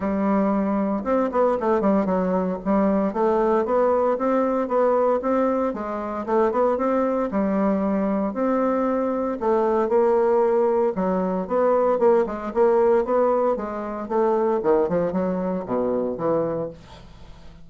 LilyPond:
\new Staff \with { instrumentName = "bassoon" } { \time 4/4 \tempo 4 = 115 g2 c'8 b8 a8 g8 | fis4 g4 a4 b4 | c'4 b4 c'4 gis4 | a8 b8 c'4 g2 |
c'2 a4 ais4~ | ais4 fis4 b4 ais8 gis8 | ais4 b4 gis4 a4 | dis8 f8 fis4 b,4 e4 | }